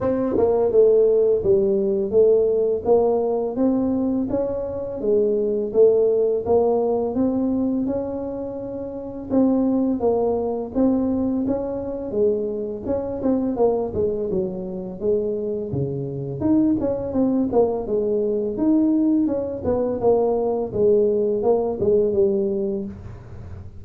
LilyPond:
\new Staff \with { instrumentName = "tuba" } { \time 4/4 \tempo 4 = 84 c'8 ais8 a4 g4 a4 | ais4 c'4 cis'4 gis4 | a4 ais4 c'4 cis'4~ | cis'4 c'4 ais4 c'4 |
cis'4 gis4 cis'8 c'8 ais8 gis8 | fis4 gis4 cis4 dis'8 cis'8 | c'8 ais8 gis4 dis'4 cis'8 b8 | ais4 gis4 ais8 gis8 g4 | }